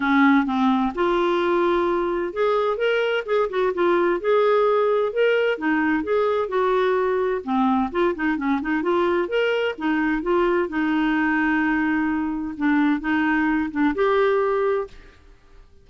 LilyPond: \new Staff \with { instrumentName = "clarinet" } { \time 4/4 \tempo 4 = 129 cis'4 c'4 f'2~ | f'4 gis'4 ais'4 gis'8 fis'8 | f'4 gis'2 ais'4 | dis'4 gis'4 fis'2 |
c'4 f'8 dis'8 cis'8 dis'8 f'4 | ais'4 dis'4 f'4 dis'4~ | dis'2. d'4 | dis'4. d'8 g'2 | }